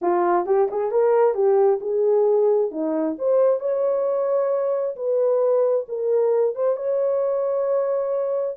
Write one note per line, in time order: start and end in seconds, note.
0.01 0.46 F4
0.46 0.68 G4
0.71 0.91 G#4
0.91 1.34 A#4
1.34 1.79 G4
1.80 2.71 G#4
2.71 3.16 D#4
3.18 3.60 C5
3.60 4.95 C#5
4.95 5.86 B4
5.88 6.55 A#4
6.55 6.76 C5
6.76 8.56 C#5